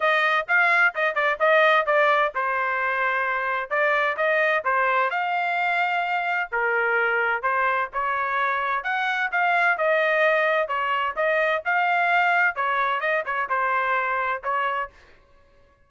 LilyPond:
\new Staff \with { instrumentName = "trumpet" } { \time 4/4 \tempo 4 = 129 dis''4 f''4 dis''8 d''8 dis''4 | d''4 c''2. | d''4 dis''4 c''4 f''4~ | f''2 ais'2 |
c''4 cis''2 fis''4 | f''4 dis''2 cis''4 | dis''4 f''2 cis''4 | dis''8 cis''8 c''2 cis''4 | }